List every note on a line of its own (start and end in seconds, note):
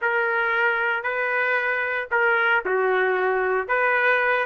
0.01 1.03 A#4
1.03 2.08 B4
2.11 2.63 A#4
2.65 3.67 F#4
3.67 4.46 B4